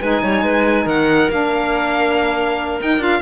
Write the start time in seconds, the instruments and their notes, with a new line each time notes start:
0.00 cello G#3, saxophone D#4, clarinet B4, violin G#5
0.23 cello G3, clarinet C#5
0.43 cello G#3, clarinet B4
0.85 cello D#3, clarinet A#4, violin F#5
1.30 cello A#3, saxophone D4, violin F5
2.81 cello D#4, saxophone D#4, violin G5
2.98 cello D4, saxophone F4, violin F5